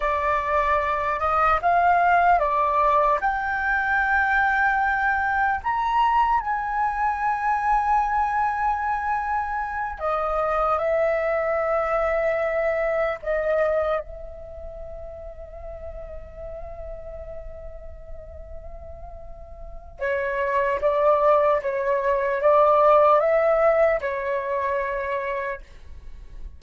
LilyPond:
\new Staff \with { instrumentName = "flute" } { \time 4/4 \tempo 4 = 75 d''4. dis''8 f''4 d''4 | g''2. ais''4 | gis''1~ | gis''8 dis''4 e''2~ e''8~ |
e''8 dis''4 e''2~ e''8~ | e''1~ | e''4 cis''4 d''4 cis''4 | d''4 e''4 cis''2 | }